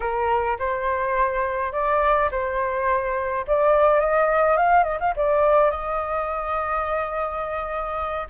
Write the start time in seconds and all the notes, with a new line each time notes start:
0.00 A#4
0.58 C5
1.72 D5
2.31 C5
3.47 D5
4.00 D#5
4.57 F5
4.83 D#5
4.99 F5
5.16 D5
5.70 D#5